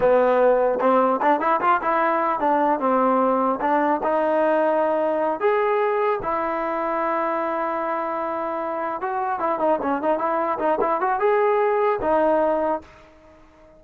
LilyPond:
\new Staff \with { instrumentName = "trombone" } { \time 4/4 \tempo 4 = 150 b2 c'4 d'8 e'8 | f'8 e'4. d'4 c'4~ | c'4 d'4 dis'2~ | dis'4. gis'2 e'8~ |
e'1~ | e'2~ e'8 fis'4 e'8 | dis'8 cis'8 dis'8 e'4 dis'8 e'8 fis'8 | gis'2 dis'2 | }